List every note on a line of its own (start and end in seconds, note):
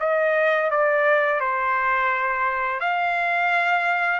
0.00 0.71 D#5
0.71 1.40 D5
1.40 2.80 C5
2.80 4.20 F5